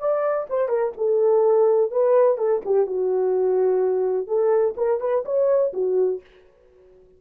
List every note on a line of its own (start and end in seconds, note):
0.00 0.48 D5
0.50 0.69 C5
0.69 0.92 A#4
0.98 1.91 A4
1.91 2.38 B4
2.38 2.61 A4
2.65 2.87 G4
2.87 4.27 F#4
4.27 4.75 A4
4.77 5.00 A#4
5.00 5.24 B4
5.25 5.73 C#5
5.73 6.21 F#4